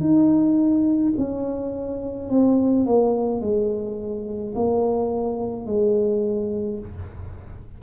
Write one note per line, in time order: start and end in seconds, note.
0.00 1.13 D#4
1.17 2.29 C#4
2.29 2.85 C4
2.85 3.41 A#3
3.41 4.54 G#3
4.55 5.66 A#3
5.66 6.79 G#3